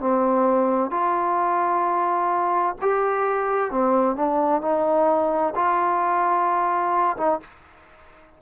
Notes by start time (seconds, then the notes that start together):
0.00 C4
0.91 F4
2.82 G4
3.71 C4
4.16 D4
4.62 D#4
5.55 F4
7.17 D#4